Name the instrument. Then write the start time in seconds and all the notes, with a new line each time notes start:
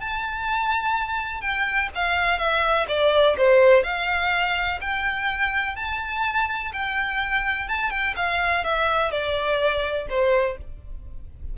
violin
0.00 A5
1.41 G5
1.95 F5
2.38 E5
2.88 D5
3.37 C5
3.83 F5
4.81 G5
5.76 A5
6.73 G5
7.68 A5
7.90 G5
8.16 F5
8.64 E5
9.11 D5
10.09 C5